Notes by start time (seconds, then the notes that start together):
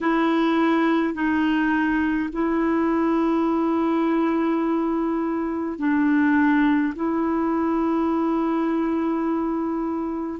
0.00 E4
1.14 D#4
2.32 E4
5.78 D4
6.95 E4